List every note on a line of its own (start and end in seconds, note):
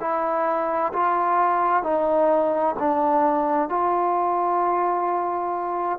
0.00 0.92 E4
0.93 1.83 F4
1.83 2.75 D#4
2.79 3.69 D4
3.69 5.98 F4